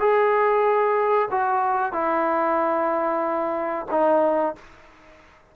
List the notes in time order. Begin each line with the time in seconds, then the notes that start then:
0.00 G#4
1.31 F#4
1.93 E4
3.91 D#4